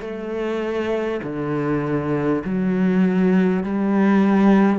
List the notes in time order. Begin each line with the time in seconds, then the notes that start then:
0.00 A3
1.23 D3
2.44 F#3
3.63 G3